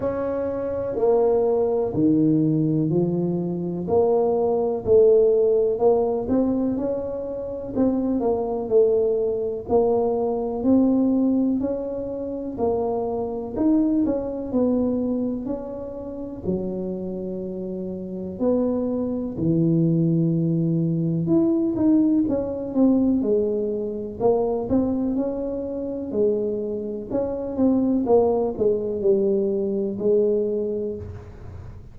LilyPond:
\new Staff \with { instrumentName = "tuba" } { \time 4/4 \tempo 4 = 62 cis'4 ais4 dis4 f4 | ais4 a4 ais8 c'8 cis'4 | c'8 ais8 a4 ais4 c'4 | cis'4 ais4 dis'8 cis'8 b4 |
cis'4 fis2 b4 | e2 e'8 dis'8 cis'8 c'8 | gis4 ais8 c'8 cis'4 gis4 | cis'8 c'8 ais8 gis8 g4 gis4 | }